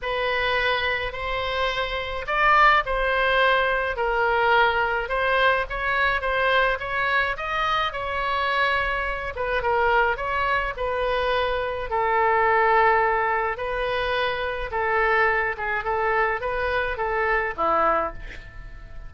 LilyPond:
\new Staff \with { instrumentName = "oboe" } { \time 4/4 \tempo 4 = 106 b'2 c''2 | d''4 c''2 ais'4~ | ais'4 c''4 cis''4 c''4 | cis''4 dis''4 cis''2~ |
cis''8 b'8 ais'4 cis''4 b'4~ | b'4 a'2. | b'2 a'4. gis'8 | a'4 b'4 a'4 e'4 | }